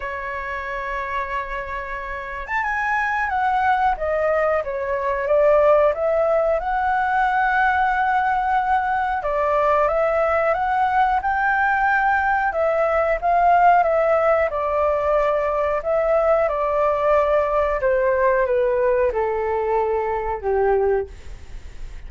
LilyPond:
\new Staff \with { instrumentName = "flute" } { \time 4/4 \tempo 4 = 91 cis''2.~ cis''8. a''16 | gis''4 fis''4 dis''4 cis''4 | d''4 e''4 fis''2~ | fis''2 d''4 e''4 |
fis''4 g''2 e''4 | f''4 e''4 d''2 | e''4 d''2 c''4 | b'4 a'2 g'4 | }